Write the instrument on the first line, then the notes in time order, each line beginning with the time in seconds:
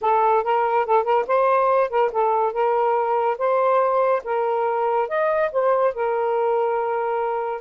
saxophone
0.01 A4
0.43 A#4
0.86 A4
1.04 A#4
1.27 C5
1.89 A#4
2.11 A4
2.52 A#4
3.38 C5
4.24 A#4
5.08 D#5
5.52 C5
5.94 A#4